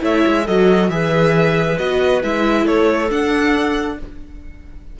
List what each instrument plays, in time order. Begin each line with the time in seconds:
0.00 cello A3, viola E4, clarinet C#5, violin E5
0.27 cello G#3
0.45 cello F#3, viola F#4, clarinet A4, violin D#5
0.89 cello E3, viola G#4, clarinet B4, violin E5
1.78 cello B3, viola F#4, violin D#5
2.22 cello G#3, viola E4, violin E5
2.64 cello A3, clarinet A4, violin C#5
3.10 viola D4, cello D4, violin F#5